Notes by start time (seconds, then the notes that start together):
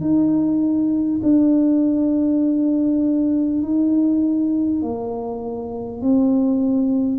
0.00 D#4
1.23 D4
3.62 D#4
4.82 A#3
6.01 C4